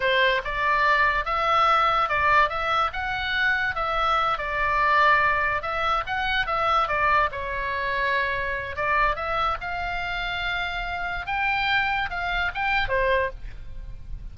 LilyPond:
\new Staff \with { instrumentName = "oboe" } { \time 4/4 \tempo 4 = 144 c''4 d''2 e''4~ | e''4 d''4 e''4 fis''4~ | fis''4 e''4. d''4.~ | d''4. e''4 fis''4 e''8~ |
e''8 d''4 cis''2~ cis''8~ | cis''4 d''4 e''4 f''4~ | f''2. g''4~ | g''4 f''4 g''4 c''4 | }